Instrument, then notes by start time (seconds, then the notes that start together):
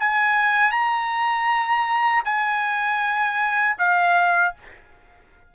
trumpet
0.00 G#5
0.72 A#5
2.25 G#5
3.79 F5